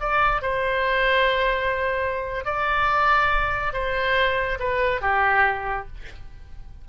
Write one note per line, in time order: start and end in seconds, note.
0.00 0.42 D5
0.42 2.45 C5
2.45 3.73 D5
3.73 4.59 C5
4.59 5.01 B4
5.01 5.87 G4